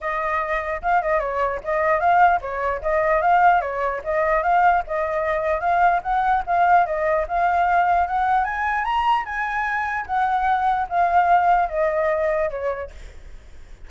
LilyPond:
\new Staff \with { instrumentName = "flute" } { \time 4/4 \tempo 4 = 149 dis''2 f''8 dis''8 cis''4 | dis''4 f''4 cis''4 dis''4 | f''4 cis''4 dis''4 f''4 | dis''2 f''4 fis''4 |
f''4 dis''4 f''2 | fis''4 gis''4 ais''4 gis''4~ | gis''4 fis''2 f''4~ | f''4 dis''2 cis''4 | }